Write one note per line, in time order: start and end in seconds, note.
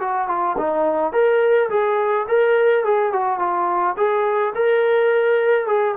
0.00 0.28 F#4
0.28 0.56 F4
0.58 1.13 D#4
1.13 1.70 A#4
1.70 2.27 G#4
2.28 2.85 A#4
2.85 3.13 G#4
3.13 3.39 F#4
3.39 3.96 F4
3.97 4.54 G#4
4.55 5.67 A#4
5.67 5.95 G#4